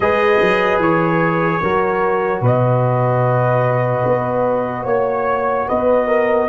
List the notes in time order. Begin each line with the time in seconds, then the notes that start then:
0.00 G#3 G#4 B4 D#5
0.41 F#3
0.78 E3 C#5
1.61 F#3 F#4 A#4
2.41 B2 B4 D#5
4.05 B3
4.83 A#3 C#5
5.67 B3 B4 D#5
6.07 A#4